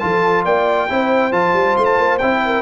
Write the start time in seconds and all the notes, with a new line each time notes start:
0.00 F3 F4 A4 A5
0.45 A#3 D5 G5
0.89 C4 E4 C5
1.32 F3 F4 A5
1.54 G3
1.77 A3 C6
1.85 A5
1.99 A#3
2.19 C4 E4 G5
2.46 A#4